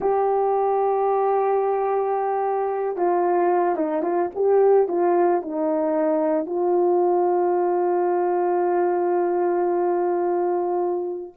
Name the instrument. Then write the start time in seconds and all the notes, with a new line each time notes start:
horn
0.00 G4
2.96 F4
3.75 D#4
4.02 F4
4.34 G4
4.88 F4
5.42 D#4
6.46 F4